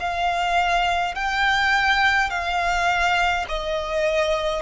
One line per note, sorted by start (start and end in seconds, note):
0.00 1.15 F5
1.15 2.30 G5
2.30 3.46 F5
3.49 4.63 D#5